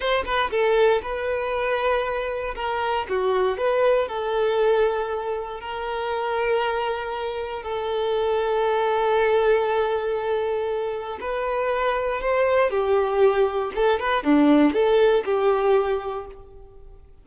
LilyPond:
\new Staff \with { instrumentName = "violin" } { \time 4/4 \tempo 4 = 118 c''8 b'8 a'4 b'2~ | b'4 ais'4 fis'4 b'4 | a'2. ais'4~ | ais'2. a'4~ |
a'1~ | a'2 b'2 | c''4 g'2 a'8 b'8 | d'4 a'4 g'2 | }